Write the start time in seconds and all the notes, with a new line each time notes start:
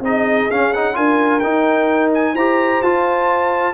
0.00 C4 D#4 G#4 D#5
0.50 C#4 F5
0.73 D#4 F#5
0.94 D4 F4 A#4 G#5
1.39 D#4 G5
2.14 G#5
2.33 E4 G4 C5 A#5
2.82 F4 A5